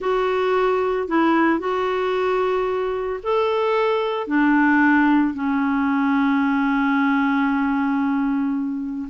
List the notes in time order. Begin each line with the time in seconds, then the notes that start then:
0.00 F#4
1.08 E4
1.59 F#4
3.23 A4
4.27 D4
5.34 C#4